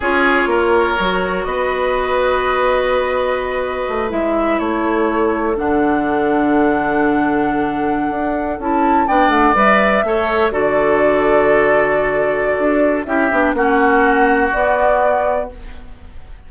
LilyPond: <<
  \new Staff \with { instrumentName = "flute" } { \time 4/4 \tempo 4 = 124 cis''2. dis''4~ | dis''1~ | dis''8 e''4 cis''2 fis''8~ | fis''1~ |
fis''4.~ fis''16 a''4 g''8 fis''8 e''16~ | e''4.~ e''16 d''2~ d''16~ | d''2. e''4 | fis''2 d''2 | }
  \new Staff \with { instrumentName = "oboe" } { \time 4/4 gis'4 ais'2 b'4~ | b'1~ | b'4. a'2~ a'8~ | a'1~ |
a'2~ a'8. d''4~ d''16~ | d''8. cis''4 a'2~ a'16~ | a'2. g'4 | fis'1 | }
  \new Staff \with { instrumentName = "clarinet" } { \time 4/4 f'2 fis'2~ | fis'1~ | fis'8 e'2. d'8~ | d'1~ |
d'4.~ d'16 e'4 d'4 b'16~ | b'8. a'4 fis'2~ fis'16~ | fis'2. e'8 d'8 | cis'2 b2 | }
  \new Staff \with { instrumentName = "bassoon" } { \time 4/4 cis'4 ais4 fis4 b4~ | b1 | a8 gis4 a2 d8~ | d1~ |
d8. d'4 cis'4 b8 a8 g16~ | g8. a4 d2~ d16~ | d2 d'4 cis'8 b8 | ais2 b2 | }
>>